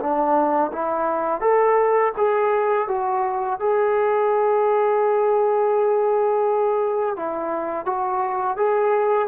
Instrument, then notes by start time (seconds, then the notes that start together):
trombone
0.00 D4
0.72 E4
1.41 A4
2.17 G#4
2.88 F#4
3.60 G#4
7.17 E4
7.86 F#4
8.57 G#4